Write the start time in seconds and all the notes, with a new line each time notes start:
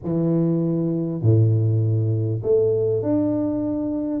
0.03 E3
1.22 A2
2.42 A3
3.02 D4